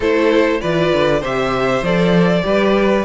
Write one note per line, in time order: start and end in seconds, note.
0.00 0.60 A3
0.00 0.60 E4
0.00 0.59 A4
0.00 0.61 C5
0.60 0.93 E3
0.60 1.21 F4
0.60 1.20 B4
0.60 1.22 D5
0.93 1.21 D3
1.20 1.81 C3
1.20 1.84 G4
1.20 2.43 C5
1.20 1.84 E5
1.81 2.42 F3
1.81 2.42 A4
1.81 3.04 D5
2.42 3.04 G3
2.42 3.03 G4
2.42 3.04 B4